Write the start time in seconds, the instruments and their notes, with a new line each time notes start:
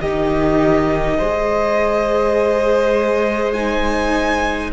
0.00 cello D#3, viola D#4, violin G4 D#5
1.17 cello G#3, viola G#4, violin C5
3.52 viola D#4, violin G#5